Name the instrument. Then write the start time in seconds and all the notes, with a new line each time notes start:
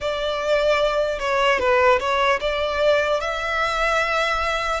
violin
0.00 D5
1.19 C#5
1.59 B4
1.99 C#5
2.40 D5
3.20 E5